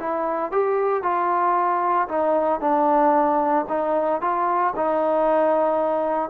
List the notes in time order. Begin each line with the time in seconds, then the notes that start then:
0.00 E4
0.52 G4
1.03 F4
2.09 D#4
2.61 D4
3.69 D#4
4.22 F4
4.76 D#4